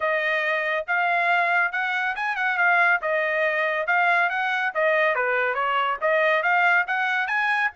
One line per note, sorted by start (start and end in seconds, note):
0.00 0.85 D#5
0.87 1.72 F5
1.72 2.15 F#5
2.15 2.36 G#5
2.36 2.57 F#5
2.57 3.00 F5
3.01 3.86 D#5
3.86 4.29 F5
4.29 4.72 F#5
4.74 5.15 D#5
5.15 5.54 B4
5.54 5.97 C#5
6.01 6.42 D#5
6.42 6.85 F5
6.87 7.27 F#5
7.27 7.70 G#5